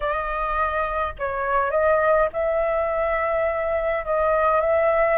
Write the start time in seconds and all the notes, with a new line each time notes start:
0.00 D#5
1.18 C#5
1.70 D#5
2.32 E5
4.05 D#5
4.60 E5